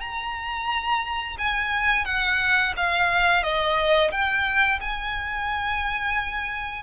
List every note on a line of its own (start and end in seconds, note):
0.00 1.36 A#5
1.38 2.05 G#5
2.05 2.73 F#5
2.76 3.43 F5
3.43 4.11 D#5
4.11 4.79 G5
4.81 6.83 G#5